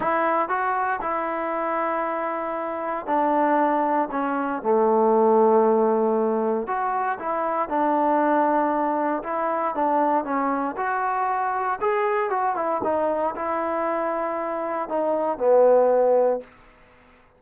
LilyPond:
\new Staff \with { instrumentName = "trombone" } { \time 4/4 \tempo 4 = 117 e'4 fis'4 e'2~ | e'2 d'2 | cis'4 a2.~ | a4 fis'4 e'4 d'4~ |
d'2 e'4 d'4 | cis'4 fis'2 gis'4 | fis'8 e'8 dis'4 e'2~ | e'4 dis'4 b2 | }